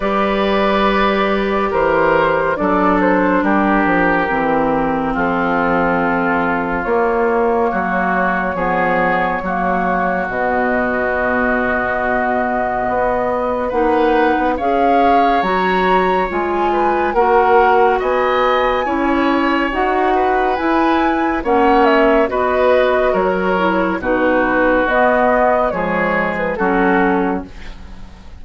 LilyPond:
<<
  \new Staff \with { instrumentName = "flute" } { \time 4/4 \tempo 4 = 70 d''2 c''4 d''8 c''8 | ais'2 a'2 | cis''1 | dis''1 |
fis''4 f''4 ais''4 gis''4 | fis''4 gis''2 fis''4 | gis''4 fis''8 e''8 dis''4 cis''4 | b'4 dis''4 cis''8. b'16 a'4 | }
  \new Staff \with { instrumentName = "oboe" } { \time 4/4 b'2 ais'4 a'4 | g'2 f'2~ | f'4 fis'4 gis'4 fis'4~ | fis'1 |
b'4 cis''2~ cis''8 b'8 | ais'4 dis''4 cis''4. b'8~ | b'4 cis''4 b'4 ais'4 | fis'2 gis'4 fis'4 | }
  \new Staff \with { instrumentName = "clarinet" } { \time 4/4 g'2. d'4~ | d'4 c'2. | ais2 b4 ais4 | b1 |
dis'4 gis'4 fis'4 f'4 | fis'2 e'4 fis'4 | e'4 cis'4 fis'4. e'8 | dis'4 b4 gis4 cis'4 | }
  \new Staff \with { instrumentName = "bassoon" } { \time 4/4 g2 e4 fis4 | g8 f8 e4 f2 | ais4 fis4 f4 fis4 | b,2. b4 |
ais8. b16 cis'4 fis4 gis4 | ais4 b4 cis'4 dis'4 | e'4 ais4 b4 fis4 | b,4 b4 f4 fis4 | }
>>